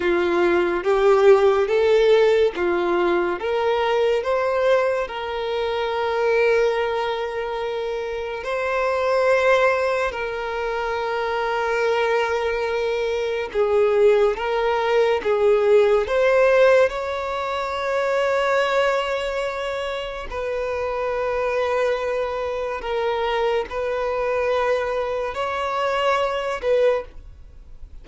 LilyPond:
\new Staff \with { instrumentName = "violin" } { \time 4/4 \tempo 4 = 71 f'4 g'4 a'4 f'4 | ais'4 c''4 ais'2~ | ais'2 c''2 | ais'1 |
gis'4 ais'4 gis'4 c''4 | cis''1 | b'2. ais'4 | b'2 cis''4. b'8 | }